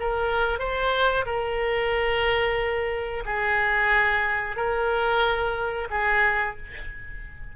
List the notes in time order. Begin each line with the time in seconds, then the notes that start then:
0.00 A#4
0.59 C5
1.26 A#4
3.26 G#4
4.57 A#4
5.91 G#4